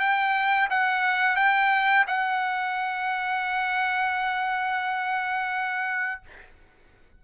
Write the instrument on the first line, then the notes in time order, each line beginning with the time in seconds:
trumpet
0.00 G5
0.70 F#5
1.36 G5
2.08 F#5